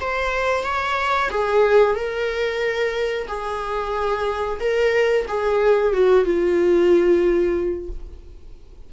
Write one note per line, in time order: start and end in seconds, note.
0.00 0.63 C5
0.63 1.29 C#5
1.30 1.95 G#4
1.95 3.27 A#4
3.28 4.59 G#4
4.60 5.26 A#4
5.28 5.93 G#4
5.93 6.25 F#4
6.25 7.89 F4